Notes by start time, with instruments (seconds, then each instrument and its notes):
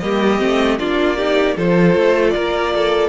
0.00 cello G3, viola A#3, violin G4 D#5
0.39 cello A3, viola C4
0.79 cello A#3, viola D4, violin F4 D5
1.16 viola D#4, violin G4
1.56 cello F3, viola F4, violin A4 C5
1.96 cello A3
2.30 cello A#3, violin A#4 D5
2.75 violin A4